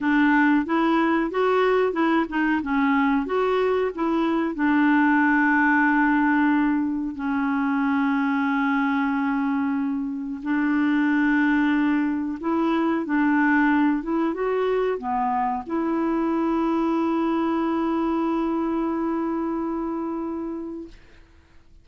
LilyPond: \new Staff \with { instrumentName = "clarinet" } { \time 4/4 \tempo 4 = 92 d'4 e'4 fis'4 e'8 dis'8 | cis'4 fis'4 e'4 d'4~ | d'2. cis'4~ | cis'1 |
d'2. e'4 | d'4. e'8 fis'4 b4 | e'1~ | e'1 | }